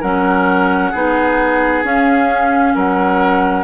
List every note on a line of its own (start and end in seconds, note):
0.00 0.93 F#3
0.00 0.93 C#4
0.00 0.91 A#4
0.00 1.84 F#5
0.91 1.83 B3
0.91 1.84 D#4
0.91 2.73 G#4
1.83 2.74 C#4
1.83 3.64 C#4
1.83 2.76 F5
2.75 3.64 F#3
2.75 3.64 A#4
2.75 3.64 F#5